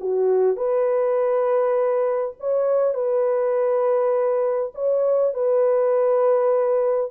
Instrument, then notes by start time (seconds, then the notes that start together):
horn
0.00 F#4
0.56 B4
2.39 C#5
2.94 B4
4.74 C#5
5.34 B4